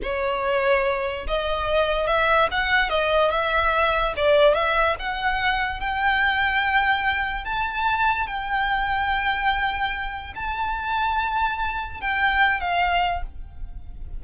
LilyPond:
\new Staff \with { instrumentName = "violin" } { \time 4/4 \tempo 4 = 145 cis''2. dis''4~ | dis''4 e''4 fis''4 dis''4 | e''2 d''4 e''4 | fis''2 g''2~ |
g''2 a''2 | g''1~ | g''4 a''2.~ | a''4 g''4. f''4. | }